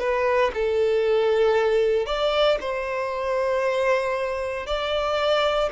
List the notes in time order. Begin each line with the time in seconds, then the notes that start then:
0.00 B4
0.55 A4
2.06 D5
2.61 C5
4.67 D5